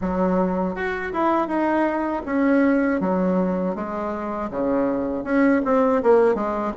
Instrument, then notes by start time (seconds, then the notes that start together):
bassoon
0.01 F#3
0.75 F#4
1.12 E4
1.47 D#4
2.25 C#4
3.00 F#3
3.75 G#3
4.50 C#3
5.24 C#4
5.65 C4
6.02 A#3
6.34 G#3